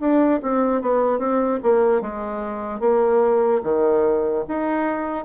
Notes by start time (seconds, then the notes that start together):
0.00 D4
0.42 C4
0.82 B3
1.19 C4
1.63 A#3
2.01 G#3
2.80 A#3
3.63 D#3
4.48 D#4